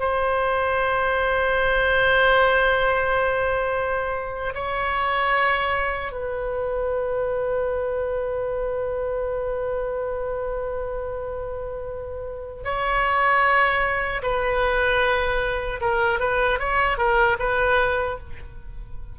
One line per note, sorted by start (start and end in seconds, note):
0.00 4.54 C5
4.55 6.12 C#5
6.12 12.64 B4
12.64 14.22 C#5
14.22 15.80 B4
15.81 16.20 A#4
16.20 16.59 B4
16.59 16.98 C#5
16.98 17.37 A#4
17.39 18.18 B4